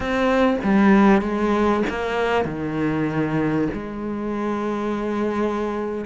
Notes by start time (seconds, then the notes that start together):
0.00 C4
0.63 G3
1.21 G#3
1.89 A#3
2.44 D#3
3.73 G#3